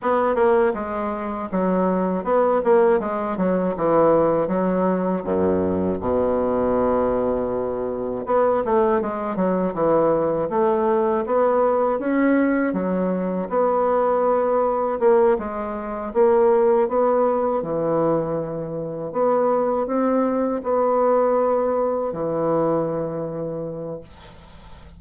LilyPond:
\new Staff \with { instrumentName = "bassoon" } { \time 4/4 \tempo 4 = 80 b8 ais8 gis4 fis4 b8 ais8 | gis8 fis8 e4 fis4 fis,4 | b,2. b8 a8 | gis8 fis8 e4 a4 b4 |
cis'4 fis4 b2 | ais8 gis4 ais4 b4 e8~ | e4. b4 c'4 b8~ | b4. e2~ e8 | }